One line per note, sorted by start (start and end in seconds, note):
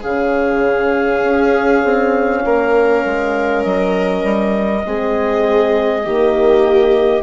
0.00 1.22 C#3
0.00 4.81 C#4
0.00 2.40 G#4
0.00 3.62 F5
1.22 1.82 C#4
1.83 2.43 C4
2.44 3.04 A#3
2.44 4.85 A#4
3.05 3.64 G#3
3.62 4.23 F#3
3.62 7.22 D#5
4.23 4.83 G3
4.85 6.05 G#3
4.85 6.03 C4
4.85 6.04 G#4
6.03 7.22 D#3
6.03 7.22 A#3
6.03 7.22 G4